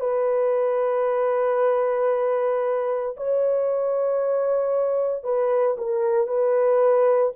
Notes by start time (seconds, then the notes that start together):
0.00 B4
3.17 C#5
5.23 B4
5.78 A#4
6.27 B4